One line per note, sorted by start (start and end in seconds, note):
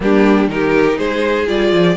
0.00 0.48 G3
0.00 0.49 A#3
0.00 0.52 D4
0.00 0.49 G4
0.48 0.97 D#3
0.48 1.46 D#4
0.48 0.98 A#4
0.54 0.98 G4
0.98 1.47 G#3
0.98 1.96 G#4
0.98 1.47 C5
1.46 1.72 G3
1.46 1.96 F4
1.46 1.96 D5
1.72 1.96 F3